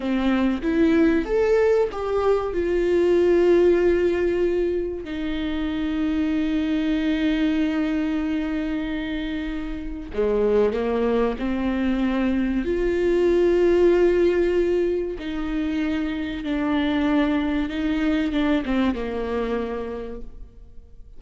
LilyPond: \new Staff \with { instrumentName = "viola" } { \time 4/4 \tempo 4 = 95 c'4 e'4 a'4 g'4 | f'1 | dis'1~ | dis'1 |
gis4 ais4 c'2 | f'1 | dis'2 d'2 | dis'4 d'8 c'8 ais2 | }